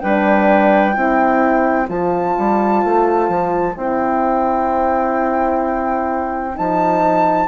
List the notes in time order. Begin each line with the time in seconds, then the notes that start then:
0.00 G3 D4 B4 G5
0.93 C4 E4 C5
1.88 F3 F4 A5
2.38 G3
2.84 A3
3.29 F3
3.76 C4 E4 G5
6.54 F3 D#4 A5